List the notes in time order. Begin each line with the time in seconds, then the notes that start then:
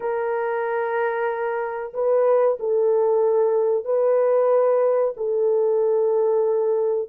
0.00 A#4
1.93 B4
2.59 A4
3.84 B4
5.16 A4